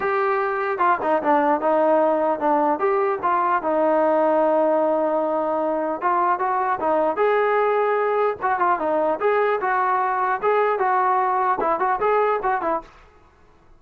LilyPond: \new Staff \with { instrumentName = "trombone" } { \time 4/4 \tempo 4 = 150 g'2 f'8 dis'8 d'4 | dis'2 d'4 g'4 | f'4 dis'2.~ | dis'2. f'4 |
fis'4 dis'4 gis'2~ | gis'4 fis'8 f'8 dis'4 gis'4 | fis'2 gis'4 fis'4~ | fis'4 e'8 fis'8 gis'4 fis'8 e'8 | }